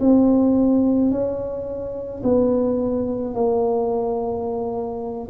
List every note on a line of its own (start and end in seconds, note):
0.00 1.11 C4
1.11 2.22 C#4
2.23 3.34 B3
3.34 5.29 A#3